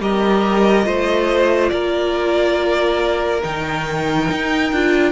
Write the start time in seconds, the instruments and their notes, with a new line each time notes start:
0.00 cello G3, viola G4, violin A#4 D#5
0.83 cello A3, viola F4, violin C5
1.69 cello A#3, violin A#4 D5
3.42 cello D#3, viola D#4, violin G5
4.31 cello D#4
4.72 cello D4, viola F4